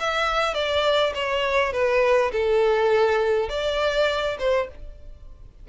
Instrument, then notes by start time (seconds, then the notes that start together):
violin
0.00 E5
0.55 D5
1.15 C#5
1.73 B4
2.32 A4
3.49 D5
4.39 C5